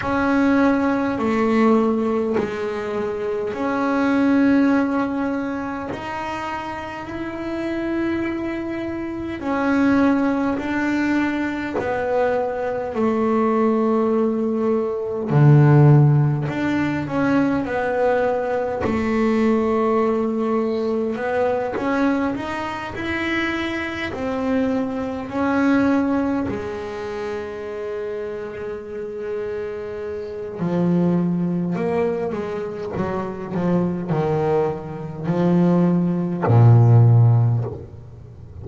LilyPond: \new Staff \with { instrumentName = "double bass" } { \time 4/4 \tempo 4 = 51 cis'4 a4 gis4 cis'4~ | cis'4 dis'4 e'2 | cis'4 d'4 b4 a4~ | a4 d4 d'8 cis'8 b4 |
a2 b8 cis'8 dis'8 e'8~ | e'8 c'4 cis'4 gis4.~ | gis2 f4 ais8 gis8 | fis8 f8 dis4 f4 ais,4 | }